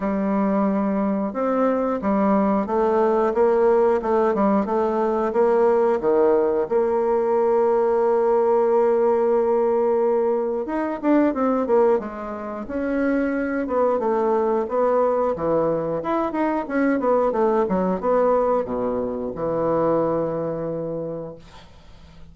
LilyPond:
\new Staff \with { instrumentName = "bassoon" } { \time 4/4 \tempo 4 = 90 g2 c'4 g4 | a4 ais4 a8 g8 a4 | ais4 dis4 ais2~ | ais1 |
dis'8 d'8 c'8 ais8 gis4 cis'4~ | cis'8 b8 a4 b4 e4 | e'8 dis'8 cis'8 b8 a8 fis8 b4 | b,4 e2. | }